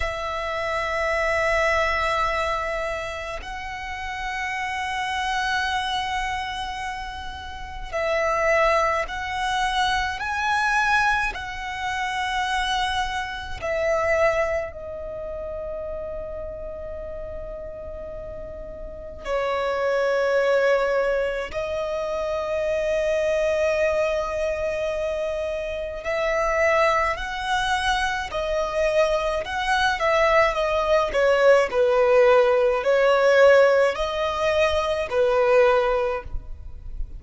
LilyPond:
\new Staff \with { instrumentName = "violin" } { \time 4/4 \tempo 4 = 53 e''2. fis''4~ | fis''2. e''4 | fis''4 gis''4 fis''2 | e''4 dis''2.~ |
dis''4 cis''2 dis''4~ | dis''2. e''4 | fis''4 dis''4 fis''8 e''8 dis''8 cis''8 | b'4 cis''4 dis''4 b'4 | }